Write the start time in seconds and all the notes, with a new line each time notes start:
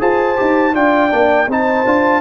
0.00 F4 G#4 C5 A5
0.36 D#4 G4
0.74 D4 F4 D5 G5
1.11 A#3 D4
1.48 C4 D#4 C5 A5
1.86 D4 F4